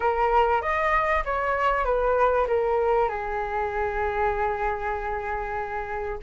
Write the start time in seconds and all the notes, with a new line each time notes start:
0.00 A#4
0.61 D#5
1.24 C#5
1.84 B4
2.47 A#4
3.08 G#4